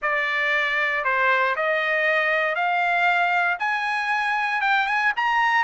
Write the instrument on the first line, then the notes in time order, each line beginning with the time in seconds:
trumpet
0.01 D5
1.04 C5
1.55 D#5
2.55 F5
3.59 G#5
4.61 G5
4.86 G#5
5.16 A#5